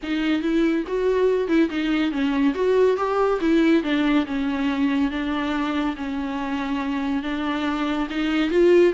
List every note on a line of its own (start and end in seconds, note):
0.03 0.42 D#4
0.42 0.84 E4
0.87 1.48 F#4
1.48 1.69 E4
1.69 2.11 D#4
2.11 2.54 C#4
2.54 2.97 F#4
2.97 3.39 G4
3.40 3.83 E4
3.83 4.25 D4
4.26 5.10 C#4
5.10 5.95 D4
5.96 7.22 C#4
7.22 8.08 D4
8.10 8.50 D#4
8.50 8.93 F4